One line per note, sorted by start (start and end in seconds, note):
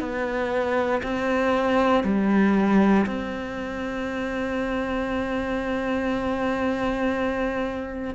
0.00 1.02 B3
1.03 2.04 C4
2.04 3.06 G3
3.06 8.14 C4